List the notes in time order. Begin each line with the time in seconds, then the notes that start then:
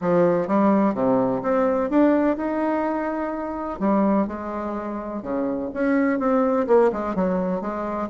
0.01 F3
0.47 G3
0.94 C3
1.42 C4
1.90 D4
2.36 D#4
3.79 G3
4.27 G#3
5.22 C#3
5.73 C#4
6.19 C4
6.67 A#3
6.92 G#3
7.15 F#3
7.61 G#3